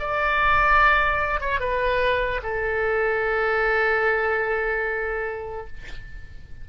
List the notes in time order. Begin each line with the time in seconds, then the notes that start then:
0.00 D5
1.41 C#5
1.60 B4
2.43 A4